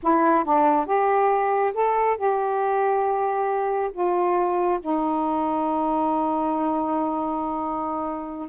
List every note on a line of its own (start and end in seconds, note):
0.02 0.44 E4
0.44 0.86 D4
0.86 1.73 G4
1.73 2.17 A4
2.17 3.91 G4
3.92 4.79 F4
4.80 8.48 D#4